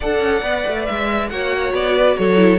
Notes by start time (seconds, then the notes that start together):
0.00 D4 A4 D5 F#5
0.19 C#4
0.42 B3 B4
0.67 A3
0.85 G#3 E5
1.29 A#3 F#4 C#5 F#5
1.73 B3 D5
1.96 B4
2.16 F#3 A4 C#5
2.36 E4